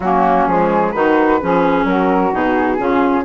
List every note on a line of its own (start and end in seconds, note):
0.00 0.46 F#3
0.00 0.50 A#3
0.00 0.93 C#4
0.00 0.46 F#4
0.46 0.93 F3
0.46 0.94 G#3
0.46 0.91 G#4
0.91 1.40 D#3
0.91 1.40 D#4
0.91 1.40 F#4
0.91 1.84 B4
1.41 1.84 F3
1.41 2.32 C#4
1.41 1.86 G#4
1.84 2.30 F#3
1.84 2.77 F#4
1.84 2.32 A#4
2.32 2.78 B2
2.32 2.77 D#4
2.32 3.24 G#4
2.77 3.24 C#3
2.77 3.24 C#4
2.77 3.24 F4